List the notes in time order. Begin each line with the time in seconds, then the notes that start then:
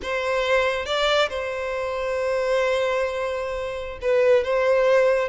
0.02 C5
0.85 D5
1.29 C5
4.01 B4
4.44 C5